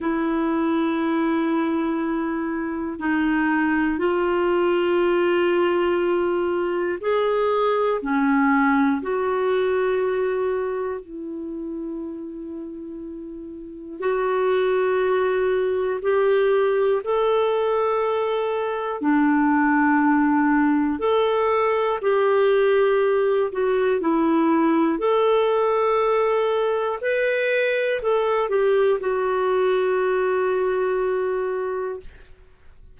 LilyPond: \new Staff \with { instrumentName = "clarinet" } { \time 4/4 \tempo 4 = 60 e'2. dis'4 | f'2. gis'4 | cis'4 fis'2 e'4~ | e'2 fis'2 |
g'4 a'2 d'4~ | d'4 a'4 g'4. fis'8 | e'4 a'2 b'4 | a'8 g'8 fis'2. | }